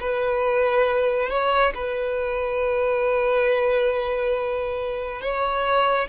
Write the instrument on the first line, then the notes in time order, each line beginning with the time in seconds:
violin
0.00 B4
1.29 C#5
1.75 B4
5.21 C#5